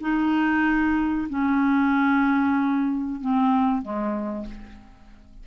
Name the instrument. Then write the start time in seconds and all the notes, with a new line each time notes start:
clarinet
0.00 D#4
1.29 C#4
3.20 C4
3.82 G#3